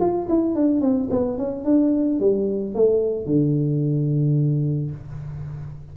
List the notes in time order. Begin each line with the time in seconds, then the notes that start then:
0.00 F4
0.29 E4
0.55 D4
0.81 C4
1.11 B3
1.38 C#4
1.65 D4
2.20 G3
2.75 A3
3.26 D3